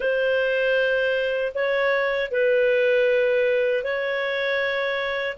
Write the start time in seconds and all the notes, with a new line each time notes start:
0.00 C5
1.54 C#5
2.31 B4
3.83 C#5